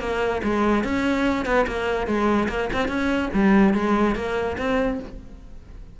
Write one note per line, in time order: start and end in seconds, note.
0.00 0.41 A#3
0.43 0.84 G#3
0.84 1.45 C#4
1.45 1.66 B3
1.67 2.07 A#3
2.07 2.48 G#3
2.49 2.70 A#3
2.73 2.88 C4
2.88 3.30 C#4
3.34 3.74 G3
3.74 4.15 G#3
4.15 4.57 A#3
4.58 5.00 C4